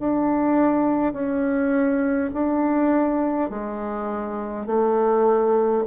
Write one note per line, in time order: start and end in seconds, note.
0.00 1.13 D4
1.13 2.30 C#4
2.34 3.50 D4
3.50 4.66 G#3
4.66 5.84 A3